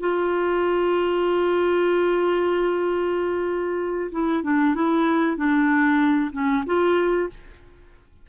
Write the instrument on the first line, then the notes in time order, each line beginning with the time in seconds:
clarinet
0.00 F4
4.12 E4
4.43 D4
4.75 E4
5.37 D4
6.32 C#4
6.66 F4